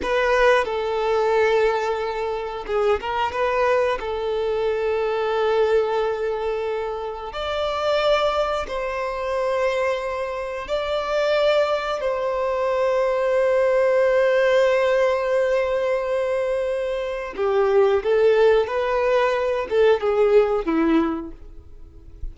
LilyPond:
\new Staff \with { instrumentName = "violin" } { \time 4/4 \tempo 4 = 90 b'4 a'2. | gis'8 ais'8 b'4 a'2~ | a'2. d''4~ | d''4 c''2. |
d''2 c''2~ | c''1~ | c''2 g'4 a'4 | b'4. a'8 gis'4 e'4 | }